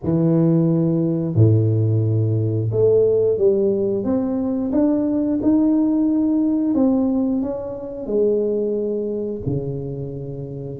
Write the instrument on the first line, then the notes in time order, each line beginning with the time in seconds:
tuba
0.03 E3
1.35 A2
2.71 A3
3.37 G3
4.04 C4
4.72 D4
5.42 D#4
6.74 C4
7.42 C#4
8.06 G#3
9.46 C#3